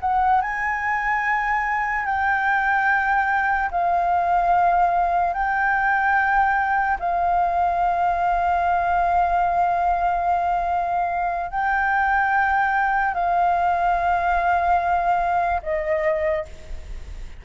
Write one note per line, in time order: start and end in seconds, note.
0.00 0.41 F#5
0.41 2.05 G#5
2.05 3.69 G5
3.71 5.33 F5
5.33 6.98 G5
6.99 11.50 F5
11.50 13.14 G5
13.14 15.61 F5
15.63 16.45 D#5